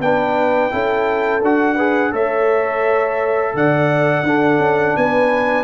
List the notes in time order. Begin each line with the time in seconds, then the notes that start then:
0.00 B3 D4 B4 G5
0.71 C#4 E4 A4
1.42 D4 F#4 F#5
1.75 G#4 B4
2.12 A3 A4 C#5 E5
3.54 D3 D5 F#5
4.23 D4 A4
4.58 C#4
4.96 B3 B4 G#5